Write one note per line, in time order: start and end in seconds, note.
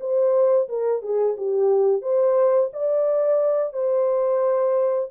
0.00 0.68 C5
0.68 1.02 A#4
1.02 1.36 G#4
1.37 2.01 G4
2.01 2.70 C5
2.73 3.73 D5
3.73 5.10 C5